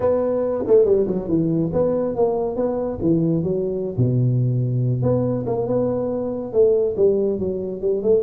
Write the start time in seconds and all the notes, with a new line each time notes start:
0.00 B3
0.66 A3
0.85 G3
1.07 F#3
1.28 E3
1.72 B3
2.15 A#3
2.55 B3
3.01 E3
3.43 F#3
3.97 B2
5.02 B3
5.46 A#3
5.66 B3
6.52 A3
6.96 G3
7.39 F#3
7.81 G3
8.02 A3